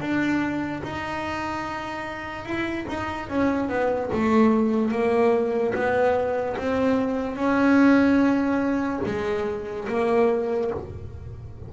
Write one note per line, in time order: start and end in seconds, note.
0.00 0.82 D4
0.83 2.45 D#4
2.45 2.86 E4
2.88 3.29 D#4
3.29 3.68 C#4
3.68 4.09 B3
4.12 4.91 A3
4.91 5.73 A#3
5.74 6.56 B3
6.57 7.36 C4
7.36 9.00 C#4
9.05 9.87 G#3
9.88 10.70 A#3